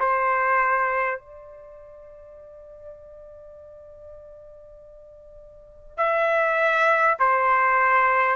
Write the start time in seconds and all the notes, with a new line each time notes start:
0.00 C5
1.20 D5
5.98 E5
7.19 C5